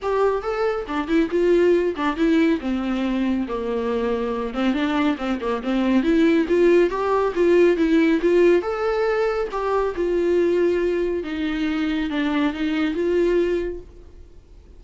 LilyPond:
\new Staff \with { instrumentName = "viola" } { \time 4/4 \tempo 4 = 139 g'4 a'4 d'8 e'8 f'4~ | f'8 d'8 e'4 c'2 | ais2~ ais8 c'8 d'4 | c'8 ais8 c'4 e'4 f'4 |
g'4 f'4 e'4 f'4 | a'2 g'4 f'4~ | f'2 dis'2 | d'4 dis'4 f'2 | }